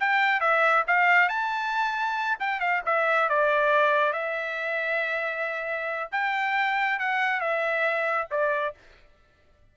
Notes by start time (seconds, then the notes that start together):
0.00 G5
0.40 E5
0.87 F5
1.29 A5
2.40 G5
2.60 F5
2.86 E5
3.29 D5
4.13 E5
6.12 G5
6.99 F#5
7.40 E5
8.31 D5